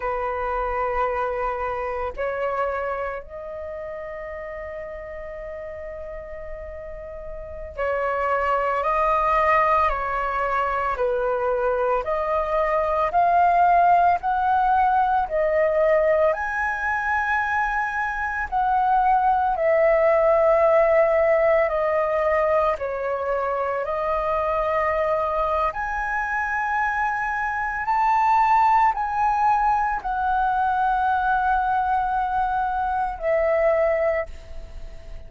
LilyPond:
\new Staff \with { instrumentName = "flute" } { \time 4/4 \tempo 4 = 56 b'2 cis''4 dis''4~ | dis''2.~ dis''16 cis''8.~ | cis''16 dis''4 cis''4 b'4 dis''8.~ | dis''16 f''4 fis''4 dis''4 gis''8.~ |
gis''4~ gis''16 fis''4 e''4.~ e''16~ | e''16 dis''4 cis''4 dis''4.~ dis''16 | gis''2 a''4 gis''4 | fis''2. e''4 | }